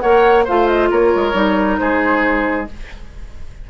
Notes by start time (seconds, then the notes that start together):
0.00 A#3 A#4 C#5 F#5
0.45 A3 F4 C5 F5
0.68 D#5
0.91 A#3 A#4 C#5
1.15 G#3
1.33 G3 D#4
1.78 G#3 G#4 C5